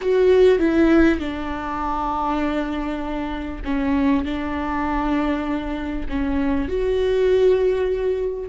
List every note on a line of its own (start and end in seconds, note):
0.01 0.59 F#4
0.59 1.19 E4
1.19 3.62 D4
3.64 4.25 C#4
4.25 6.06 D4
6.08 6.68 C#4
6.68 8.48 F#4